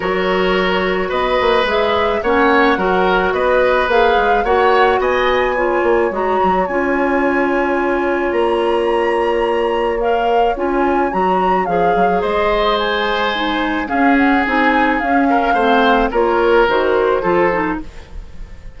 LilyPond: <<
  \new Staff \with { instrumentName = "flute" } { \time 4/4 \tempo 4 = 108 cis''2 dis''4 e''4 | fis''2 dis''4 f''4 | fis''4 gis''2 ais''4 | gis''2. ais''4~ |
ais''2 f''4 gis''4 | ais''4 f''4 dis''4 gis''4~ | gis''4 f''8 fis''8 gis''4 f''4~ | f''4 cis''4 c''2 | }
  \new Staff \with { instrumentName = "oboe" } { \time 4/4 ais'2 b'2 | cis''4 ais'4 b'2 | cis''4 dis''4 cis''2~ | cis''1~ |
cis''1~ | cis''2 c''2~ | c''4 gis'2~ gis'8 ais'8 | c''4 ais'2 a'4 | }
  \new Staff \with { instrumentName = "clarinet" } { \time 4/4 fis'2. gis'4 | cis'4 fis'2 gis'4 | fis'2 f'4 fis'4 | f'1~ |
f'2 ais'4 f'4 | fis'4 gis'2. | dis'4 cis'4 dis'4 cis'4 | c'4 f'4 fis'4 f'8 dis'8 | }
  \new Staff \with { instrumentName = "bassoon" } { \time 4/4 fis2 b8 ais8 gis4 | ais4 fis4 b4 ais8 gis8 | ais4 b4. ais8 gis8 fis8 | cis'2. ais4~ |
ais2. cis'4 | fis4 f8 fis8 gis2~ | gis4 cis'4 c'4 cis'4 | a4 ais4 dis4 f4 | }
>>